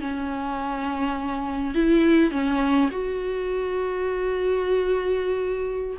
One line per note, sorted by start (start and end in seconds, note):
0.00 1.74 C#4
1.74 2.31 E4
2.31 2.89 C#4
2.91 5.97 F#4